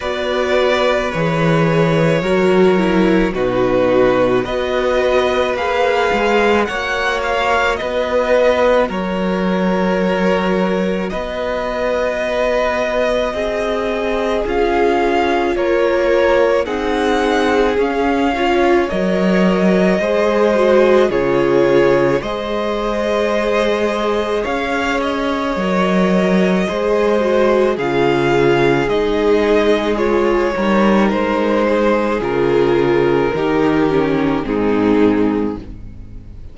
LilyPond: <<
  \new Staff \with { instrumentName = "violin" } { \time 4/4 \tempo 4 = 54 d''4 cis''2 b'4 | dis''4 f''4 fis''8 f''8 dis''4 | cis''2 dis''2~ | dis''4 f''4 cis''4 fis''4 |
f''4 dis''2 cis''4 | dis''2 f''8 dis''4.~ | dis''4 f''4 dis''4 cis''4 | c''4 ais'2 gis'4 | }
  \new Staff \with { instrumentName = "violin" } { \time 4/4 b'2 ais'4 fis'4 | b'2 cis''4 b'4 | ais'2 b'2 | gis'2 ais'4 gis'4~ |
gis'8 cis''4. c''4 gis'4 | c''2 cis''2 | c''4 gis'2~ gis'8 ais'8~ | ais'8 gis'4. g'4 dis'4 | }
  \new Staff \with { instrumentName = "viola" } { \time 4/4 fis'4 gis'4 fis'8 e'8 dis'4 | fis'4 gis'4 fis'2~ | fis'1~ | fis'4 f'2 dis'4 |
cis'8 f'8 ais'4 gis'8 fis'8 f'4 | gis'2. ais'4 | gis'8 fis'8 f'4 dis'4 f'8 dis'8~ | dis'4 f'4 dis'8 cis'8 c'4 | }
  \new Staff \with { instrumentName = "cello" } { \time 4/4 b4 e4 fis4 b,4 | b4 ais8 gis8 ais4 b4 | fis2 b2 | c'4 cis'4 ais4 c'4 |
cis'4 fis4 gis4 cis4 | gis2 cis'4 fis4 | gis4 cis4 gis4. g8 | gis4 cis4 dis4 gis,4 | }
>>